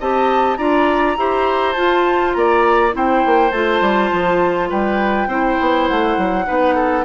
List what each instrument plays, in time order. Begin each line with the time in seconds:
0.00 bassoon C4, clarinet G4, oboe D#5, flute A5
0.57 bassoon D4, clarinet F4, oboe D5, flute A#5
1.17 bassoon E4, clarinet G4, oboe C5
1.73 clarinet F4, bassoon F4, flute A5
2.34 bassoon A#3, oboe D5, flute A#5
2.91 bassoon C4, clarinet E4, oboe C5, flute G5
3.26 bassoon A#3
3.52 bassoon A3, clarinet F4, flute A5
3.81 bassoon G3
4.12 bassoon F3
4.70 bassoon G3, oboe B4, flute G5
5.27 bassoon C4, clarinet E4, oboe C5
5.61 bassoon B3
5.88 bassoon A3, flute F#5
6.18 bassoon F#3
6.46 bassoon B3, clarinet D#4, oboe B4
6.75 oboe A4